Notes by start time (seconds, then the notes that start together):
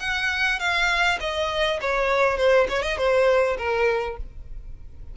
0.00 F#5
0.59 F5
1.20 D#5
1.81 C#5
2.37 C5
2.69 C#5
2.82 D#5
2.98 C5
3.58 A#4